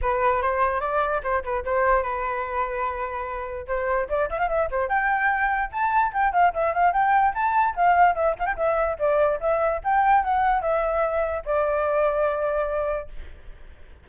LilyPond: \new Staff \with { instrumentName = "flute" } { \time 4/4 \tempo 4 = 147 b'4 c''4 d''4 c''8 b'8 | c''4 b'2.~ | b'4 c''4 d''8 e''16 f''16 e''8 c''8 | g''2 a''4 g''8 f''8 |
e''8 f''8 g''4 a''4 f''4 | e''8 f''16 g''16 e''4 d''4 e''4 | g''4 fis''4 e''2 | d''1 | }